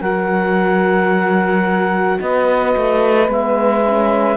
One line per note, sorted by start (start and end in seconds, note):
0.00 2.19 F#3
0.00 3.28 F#4
0.00 2.18 A#4
0.00 2.19 F#5
2.20 2.75 B3
2.20 4.37 B4
2.20 3.30 D#5
2.76 3.28 A3
3.28 4.37 G#3
3.28 3.82 B3
3.28 4.37 E5
3.85 4.37 C#4